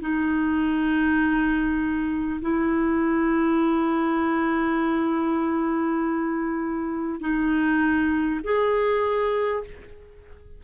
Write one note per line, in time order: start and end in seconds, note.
0.00 2.40 D#4
2.41 7.20 E4
7.20 8.40 D#4
8.43 9.63 G#4